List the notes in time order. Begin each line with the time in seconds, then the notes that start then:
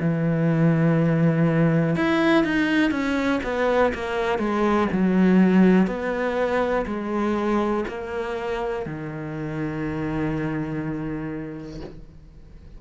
0.00 E3
1.96 E4
2.45 D#4
2.92 C#4
3.44 B3
3.95 A#3
4.39 G#3
4.93 F#3
5.87 B3
6.87 G#3
7.89 A#3
8.86 D#3